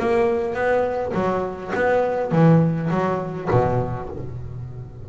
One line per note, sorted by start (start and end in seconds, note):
0.00 0.55 A#3
0.55 1.13 B3
1.14 1.73 F#3
1.75 2.32 B3
2.32 2.90 E3
2.91 3.49 F#3
3.51 4.10 B2